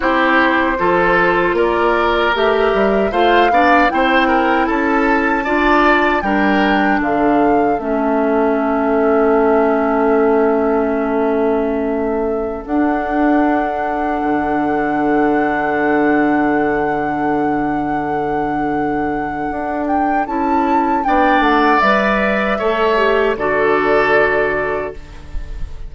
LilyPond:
<<
  \new Staff \with { instrumentName = "flute" } { \time 4/4 \tempo 4 = 77 c''2 d''4 e''4 | f''4 g''4 a''2 | g''4 f''4 e''2~ | e''1~ |
e''16 fis''2.~ fis''8.~ | fis''1~ | fis''4. g''8 a''4 g''8 fis''8 | e''2 d''2 | }
  \new Staff \with { instrumentName = "oboe" } { \time 4/4 g'4 a'4 ais'2 | c''8 d''8 c''8 ais'8 a'4 d''4 | ais'4 a'2.~ | a'1~ |
a'1~ | a'1~ | a'2. d''4~ | d''4 cis''4 a'2 | }
  \new Staff \with { instrumentName = "clarinet" } { \time 4/4 e'4 f'2 g'4 | f'8 d'8 e'2 f'4 | d'2 cis'2~ | cis'1~ |
cis'16 d'2.~ d'8.~ | d'1~ | d'2 e'4 d'4 | b'4 a'8 g'8 fis'2 | }
  \new Staff \with { instrumentName = "bassoon" } { \time 4/4 c'4 f4 ais4 a8 g8 | a8 b8 c'4 cis'4 d'4 | g4 d4 a2~ | a1~ |
a16 d'2 d4.~ d16~ | d1~ | d4 d'4 cis'4 b8 a8 | g4 a4 d2 | }
>>